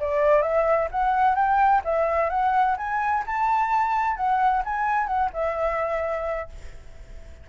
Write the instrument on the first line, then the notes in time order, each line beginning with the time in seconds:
flute
0.00 D5
0.42 E5
0.91 F#5
1.35 G5
1.85 E5
2.30 F#5
2.77 G#5
3.27 A5
4.16 F#5
4.65 G#5
5.07 F#5
5.33 E5